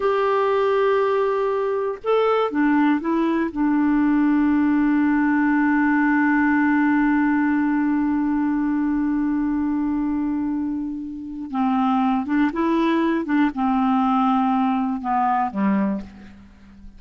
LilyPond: \new Staff \with { instrumentName = "clarinet" } { \time 4/4 \tempo 4 = 120 g'1 | a'4 d'4 e'4 d'4~ | d'1~ | d'1~ |
d'1~ | d'2. c'4~ | c'8 d'8 e'4. d'8 c'4~ | c'2 b4 g4 | }